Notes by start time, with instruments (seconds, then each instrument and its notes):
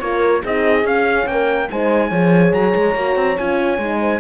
0.00 cello A#3, horn F4 A#4, trumpet C#5
0.42 cello C4, horn D#4 G#4, trumpet D#5
0.84 cello C#4, horn C#4, trumpet F5
1.26 cello A#3, horn A#4, trumpet G5
1.70 cello G#3, horn D#4 C5, trumpet G#5
2.09 cello F3, horn G#4 C#5
2.53 cello F#3, trumpet A#5
2.75 cello G#3
2.95 cello A#3, horn F#4
3.16 cello C4
3.38 cello C#4, horn F4, trumpet G#5
3.78 cello G#3, horn D#4
4.00 horn C5